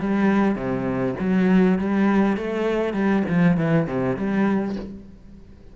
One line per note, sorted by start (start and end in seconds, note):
0.00 0.56 G3
0.56 1.15 C3
1.20 1.79 F#3
1.79 2.37 G3
2.37 2.94 A3
2.94 3.23 G3
3.29 3.58 F3
3.58 3.87 E3
3.87 4.17 C3
4.17 4.76 G3